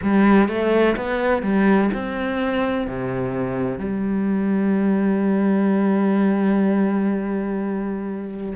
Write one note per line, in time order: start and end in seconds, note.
0.02 0.48 G3
0.48 0.96 A3
0.96 1.42 B3
1.42 1.90 G3
1.93 2.87 C4
2.87 3.78 C3
3.78 8.55 G3